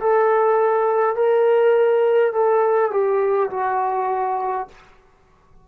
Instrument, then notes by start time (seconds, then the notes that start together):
trombone
0.00 A4
1.16 A#4
2.33 A4
2.91 G4
3.50 F#4